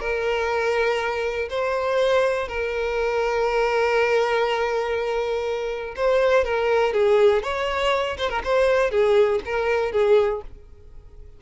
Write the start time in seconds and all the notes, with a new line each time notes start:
0.00 A#4
1.50 C5
2.48 A#4
5.96 C5
6.45 A#4
6.93 G#4
7.43 C#5
8.18 C5
8.30 A#4
8.44 C5
8.91 G#4
9.46 A#4
9.92 G#4